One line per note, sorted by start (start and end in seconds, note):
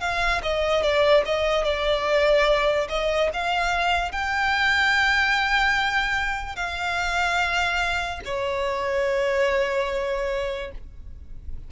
0.00 0.41 F5
0.42 0.82 D#5
0.82 1.23 D5
1.25 1.64 D#5
1.64 2.87 D5
2.89 3.30 D#5
3.33 4.12 F5
4.12 6.56 G5
6.56 8.20 F5
8.25 10.71 C#5